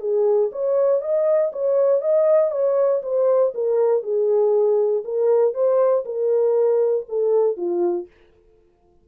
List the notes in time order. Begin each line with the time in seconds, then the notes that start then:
0.00 G#4
0.52 C#5
1.01 D#5
1.52 C#5
2.01 D#5
2.51 C#5
3.02 C5
3.54 A#4
4.03 G#4
5.04 A#4
5.54 C5
6.05 A#4
7.09 A4
7.57 F4